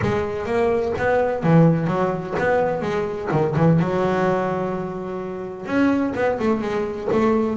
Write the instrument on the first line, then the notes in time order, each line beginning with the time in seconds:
double bass
0.02 G#3
0.45 A#3
0.97 B3
1.43 E3
1.87 F#3
2.38 B3
2.81 G#3
3.31 D#3
3.56 E3
3.79 F#3
5.65 C#4
6.15 B3
6.39 A3
6.61 G#3
7.12 A3